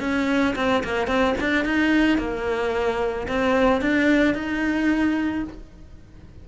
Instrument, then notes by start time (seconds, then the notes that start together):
cello
0.00 C#4
0.56 C4
0.84 A#3
1.07 C4
1.40 D4
1.65 D#4
2.18 A#3
3.28 C4
3.81 D4
4.34 D#4